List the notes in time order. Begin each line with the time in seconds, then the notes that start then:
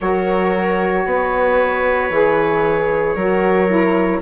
0.00 F#3 F#4 A#4 C#5
1.05 B3 B4
2.10 E3 G#4
3.15 F#3 F#4 A#4
3.68 E4